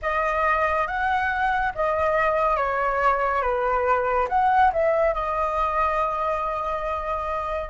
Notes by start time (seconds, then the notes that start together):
0.02 D#5
0.86 F#5
1.75 D#5
2.56 C#5
3.42 B4
4.29 F#5
4.72 E5
5.14 D#5